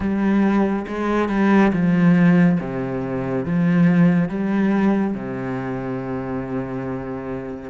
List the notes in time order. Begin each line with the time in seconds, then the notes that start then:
0.00 G3
0.87 G#3
1.29 G3
1.73 F3
2.59 C3
3.45 F3
4.29 G3
5.14 C3